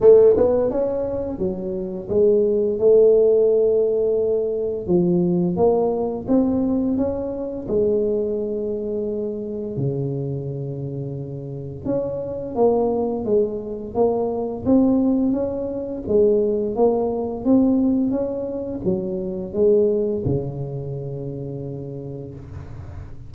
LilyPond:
\new Staff \with { instrumentName = "tuba" } { \time 4/4 \tempo 4 = 86 a8 b8 cis'4 fis4 gis4 | a2. f4 | ais4 c'4 cis'4 gis4~ | gis2 cis2~ |
cis4 cis'4 ais4 gis4 | ais4 c'4 cis'4 gis4 | ais4 c'4 cis'4 fis4 | gis4 cis2. | }